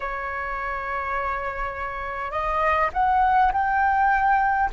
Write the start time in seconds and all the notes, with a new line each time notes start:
0.00 C#5
2.30 D#5
2.93 F#5
3.52 G5